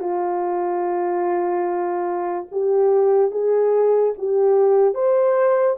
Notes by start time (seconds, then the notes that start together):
0.00 F4
2.52 G4
3.31 G#4
4.18 G4
4.95 C5